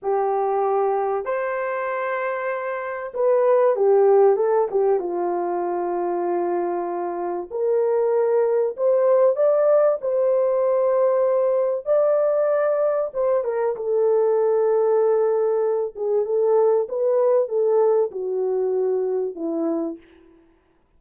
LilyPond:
\new Staff \with { instrumentName = "horn" } { \time 4/4 \tempo 4 = 96 g'2 c''2~ | c''4 b'4 g'4 a'8 g'8 | f'1 | ais'2 c''4 d''4 |
c''2. d''4~ | d''4 c''8 ais'8 a'2~ | a'4. gis'8 a'4 b'4 | a'4 fis'2 e'4 | }